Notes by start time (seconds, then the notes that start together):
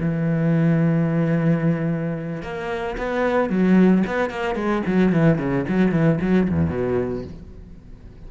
0.00 E3
2.42 A#3
2.98 B3
3.50 F#3
4.07 B3
4.30 A#3
4.56 G#3
4.86 F#3
5.13 E3
5.38 C#3
5.69 F#3
5.92 E3
6.22 F#3
6.50 E2
6.70 B2